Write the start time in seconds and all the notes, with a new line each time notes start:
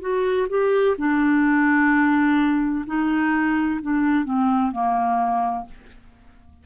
0.00 F#4
0.49 G4
0.97 D4
2.86 D#4
3.81 D4
4.24 C4
4.71 A#3